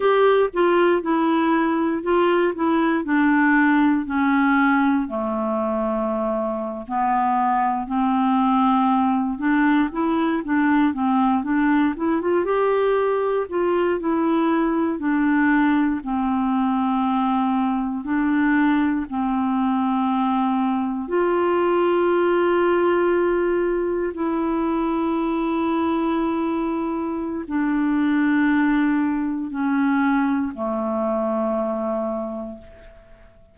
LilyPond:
\new Staff \with { instrumentName = "clarinet" } { \time 4/4 \tempo 4 = 59 g'8 f'8 e'4 f'8 e'8 d'4 | cis'4 a4.~ a16 b4 c'16~ | c'4~ c'16 d'8 e'8 d'8 c'8 d'8 e'16 | f'16 g'4 f'8 e'4 d'4 c'16~ |
c'4.~ c'16 d'4 c'4~ c'16~ | c'8. f'2. e'16~ | e'2. d'4~ | d'4 cis'4 a2 | }